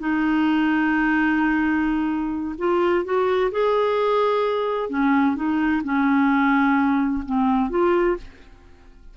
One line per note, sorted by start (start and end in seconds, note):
0.00 2.56 D#4
2.59 3.05 F4
3.05 3.52 F#4
3.52 4.90 G#4
4.90 5.36 C#4
5.36 5.83 D#4
5.85 7.24 C#4
7.26 7.70 C4
7.70 8.17 F4